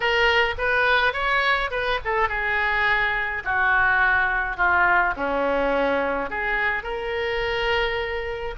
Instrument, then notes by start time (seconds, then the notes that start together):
oboe
0.00 A#4
0.58 B4
1.13 C#5
1.70 B4
2.04 A4
2.29 G#4
3.44 F#4
4.56 F4
5.16 C#4
6.30 G#4
6.83 A#4